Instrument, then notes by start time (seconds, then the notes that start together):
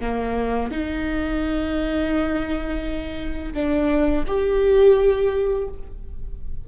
viola
0.00 A#3
0.71 D#4
3.54 D4
4.27 G4